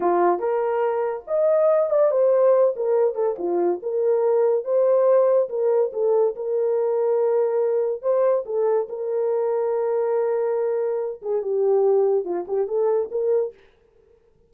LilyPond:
\new Staff \with { instrumentName = "horn" } { \time 4/4 \tempo 4 = 142 f'4 ais'2 dis''4~ | dis''8 d''8 c''4. ais'4 a'8 | f'4 ais'2 c''4~ | c''4 ais'4 a'4 ais'4~ |
ais'2. c''4 | a'4 ais'2.~ | ais'2~ ais'8 gis'8 g'4~ | g'4 f'8 g'8 a'4 ais'4 | }